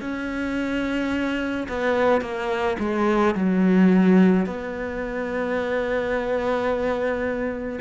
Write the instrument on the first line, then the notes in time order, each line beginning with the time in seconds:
cello
0.00 C#4
1.68 B3
2.21 A#3
2.79 G#3
3.34 F#3
4.45 B3